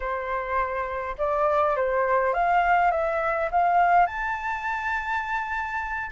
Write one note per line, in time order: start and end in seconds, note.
0.00 1.16 C5
1.18 1.76 D5
1.76 2.33 C5
2.33 2.91 F5
2.91 3.49 E5
3.51 4.06 F5
4.06 6.10 A5